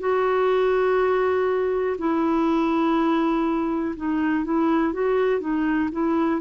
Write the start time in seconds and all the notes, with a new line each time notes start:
0.00 F#4
1.98 E4
3.96 D#4
4.44 E4
4.93 F#4
5.40 D#4
5.92 E4